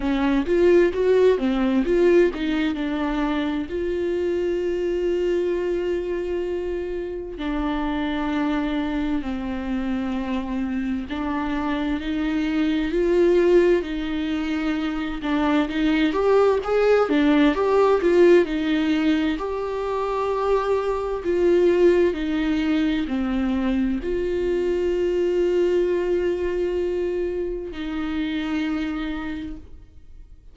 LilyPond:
\new Staff \with { instrumentName = "viola" } { \time 4/4 \tempo 4 = 65 cis'8 f'8 fis'8 c'8 f'8 dis'8 d'4 | f'1 | d'2 c'2 | d'4 dis'4 f'4 dis'4~ |
dis'8 d'8 dis'8 g'8 gis'8 d'8 g'8 f'8 | dis'4 g'2 f'4 | dis'4 c'4 f'2~ | f'2 dis'2 | }